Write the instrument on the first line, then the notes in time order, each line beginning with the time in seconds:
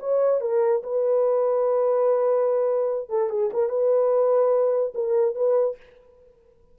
horn
0.00 C#5
0.41 A#4
0.83 B4
3.09 A4
3.30 G#4
3.53 A#4
3.69 B4
4.94 A#4
5.35 B4